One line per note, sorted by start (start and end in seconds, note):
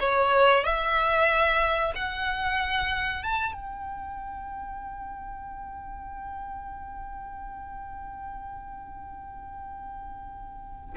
0.00 0.64 C#5
0.64 1.93 E5
1.95 3.23 F#5
3.23 3.53 A5
3.53 10.95 G5